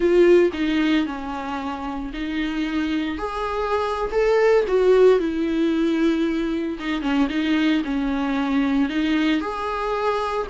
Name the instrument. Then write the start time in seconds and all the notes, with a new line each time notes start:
viola
0.00 F4
0.53 D#4
1.06 C#4
2.13 D#4
3.18 G#4
4.12 A4
4.67 F#4
5.19 E4
6.79 D#4
7.01 C#4
7.29 D#4
7.84 C#4
8.89 D#4
9.40 G#4